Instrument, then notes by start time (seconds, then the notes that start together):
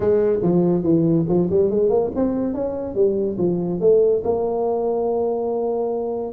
tuba
0.00 G#3
0.42 F3
0.83 E3
1.28 F3
1.50 G3
1.70 G#3
1.89 A#3
2.15 C4
2.54 C#4
2.94 G3
3.38 F3
3.80 A3
4.24 A#3